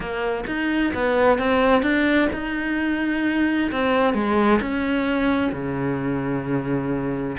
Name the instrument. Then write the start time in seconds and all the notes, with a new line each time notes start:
cello
0.00 A#3
0.47 D#4
0.94 B3
1.38 C4
1.82 D4
2.32 D#4
3.71 C4
4.13 G#3
4.61 C#4
5.52 C#3